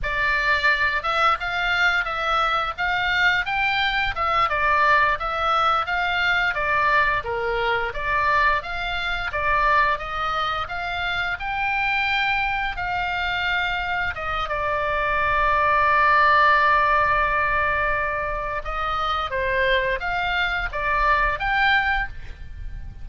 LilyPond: \new Staff \with { instrumentName = "oboe" } { \time 4/4 \tempo 4 = 87 d''4. e''8 f''4 e''4 | f''4 g''4 e''8 d''4 e''8~ | e''8 f''4 d''4 ais'4 d''8~ | d''8 f''4 d''4 dis''4 f''8~ |
f''8 g''2 f''4.~ | f''8 dis''8 d''2.~ | d''2. dis''4 | c''4 f''4 d''4 g''4 | }